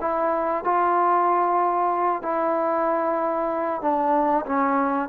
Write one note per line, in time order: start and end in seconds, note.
0.00 0.64 E4
0.64 2.22 F4
2.22 3.81 E4
3.81 4.45 D4
4.45 5.09 C#4